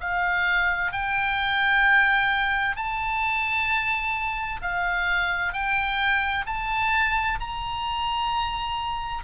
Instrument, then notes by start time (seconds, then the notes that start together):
oboe
0.00 F5
0.92 G5
2.76 A5
4.62 F5
5.53 G5
6.46 A5
7.40 A#5